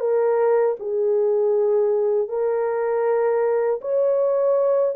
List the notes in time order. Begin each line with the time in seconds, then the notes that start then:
0.00 A#4
0.80 G#4
2.29 A#4
3.82 C#5